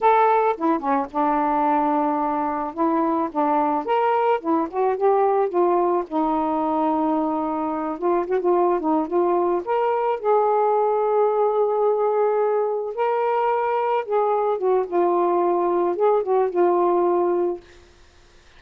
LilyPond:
\new Staff \with { instrumentName = "saxophone" } { \time 4/4 \tempo 4 = 109 a'4 e'8 cis'8 d'2~ | d'4 e'4 d'4 ais'4 | e'8 fis'8 g'4 f'4 dis'4~ | dis'2~ dis'8 f'8 fis'16 f'8. |
dis'8 f'4 ais'4 gis'4.~ | gis'2.~ gis'8 ais'8~ | ais'4. gis'4 fis'8 f'4~ | f'4 gis'8 fis'8 f'2 | }